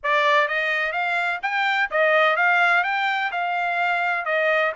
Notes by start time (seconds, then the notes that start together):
0.03 D5
0.47 D#5
0.92 F5
1.42 G5
1.90 D#5
2.36 F5
2.83 G5
3.31 F5
4.25 D#5